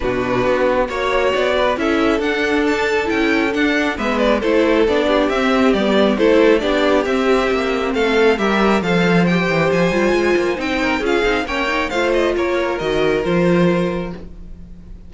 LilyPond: <<
  \new Staff \with { instrumentName = "violin" } { \time 4/4 \tempo 4 = 136 b'2 cis''4 d''4 | e''4 fis''4 a''4 g''4 | fis''4 e''8 d''8 c''4 d''4 | e''4 d''4 c''4 d''4 |
e''2 f''4 e''4 | f''4 g''4 gis''2 | g''4 f''4 g''4 f''8 dis''8 | cis''4 dis''4 c''2 | }
  \new Staff \with { instrumentName = "violin" } { \time 4/4 fis'2 cis''4. b'8 | a'1~ | a'4 b'4 a'4. g'8~ | g'2 a'4 g'4~ |
g'2 a'4 ais'4 | c''1~ | c''8 ais'8 gis'4 cis''4 c''4 | ais'1 | }
  \new Staff \with { instrumentName = "viola" } { \time 4/4 d'2 fis'2 | e'4 d'2 e'4 | d'4 b4 e'4 d'4 | c'4 b4 e'4 d'4 |
c'2. g'4 | a'4 g'4. f'4. | dis'4 f'8 dis'8 cis'8 dis'8 f'4~ | f'4 fis'4 f'2 | }
  \new Staff \with { instrumentName = "cello" } { \time 4/4 b,4 b4 ais4 b4 | cis'4 d'2 cis'4 | d'4 gis4 a4 b4 | c'4 g4 a4 b4 |
c'4 ais4 a4 g4 | f4. e8 f8 g8 gis8 ais8 | c'4 cis'8 c'8 ais4 a4 | ais4 dis4 f2 | }
>>